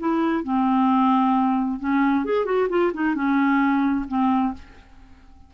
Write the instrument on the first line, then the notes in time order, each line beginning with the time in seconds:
clarinet
0.00 E4
0.44 C4
1.80 C#4
2.25 G#4
2.45 F#4
2.69 F4
2.94 D#4
3.15 C#4
4.08 C4